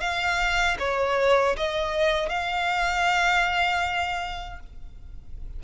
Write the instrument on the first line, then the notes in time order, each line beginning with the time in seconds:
violin
0.00 F5
0.79 C#5
1.57 D#5
2.29 F5